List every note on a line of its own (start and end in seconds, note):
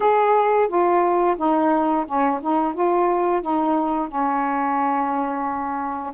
0.00 0.68 G#4
0.68 1.36 F4
1.37 2.05 D#4
2.06 2.40 C#4
2.41 2.74 D#4
2.74 3.41 F4
3.41 4.08 D#4
4.08 6.13 C#4